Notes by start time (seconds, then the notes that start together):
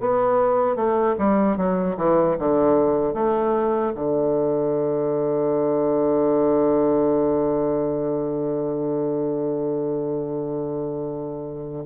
0.00 B3
0.76 A3
1.18 G3
1.57 F#3
1.97 E3
2.39 D3
3.14 A3
3.95 D3